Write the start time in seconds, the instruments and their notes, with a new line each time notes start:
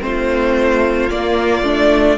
0.00 cello A3, viola C4, violin F4 C5
1.10 viola A#3, cello A#3, violin D5
1.62 cello A3, viola D4